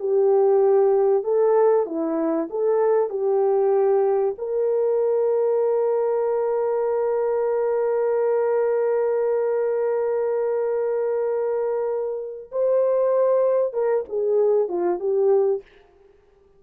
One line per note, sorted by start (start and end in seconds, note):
0.00 1.24 G4
1.24 1.86 A4
1.86 2.49 E4
2.50 3.10 A4
3.10 4.35 G4
4.38 12.51 A#4
12.52 13.74 C5
13.74 14.05 A#4
14.09 14.69 G#4
14.69 15.00 F4
15.00 15.62 G4